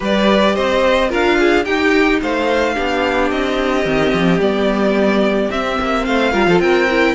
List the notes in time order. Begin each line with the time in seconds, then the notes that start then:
0.00 G3 G4 B4 D5
0.54 C4 C5 D#5
1.09 D4 F4 A#4 F5
1.39 G#4
1.64 D#4 G4 G5
2.21 A3 C5 F5
2.74 B3 D4 G4
3.30 C4 D#5
3.84 D#3 C4
4.13 F3
4.39 G3 B3 D5
5.50 C4 E5
5.80 A#3
6.05 A3 C5 F5
6.31 G3 F4 A#4
6.46 F3 A4
6.59 C4 A#4 G5
6.89 E4